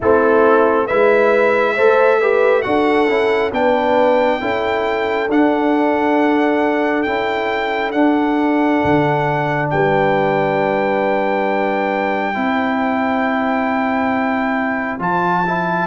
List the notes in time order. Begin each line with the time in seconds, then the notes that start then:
0.00 A3 C4 E4 A4
0.86 G#3 E4 B4 E5
1.75 A3 A4 C5
2.19 G4 B4
2.62 D4 F#4 A4 F#5
3.07 C#4 E4
3.51 B3 D4 B4 G5
4.40 C#4 E4 A4
5.28 D4 F#5
7.02 C#4 E4 G5
7.91 D4 F#5
8.84 D3
9.70 G3 B4 G5
12.34 C4 E4 C5
14.99 F3 F4 A5
15.46 E4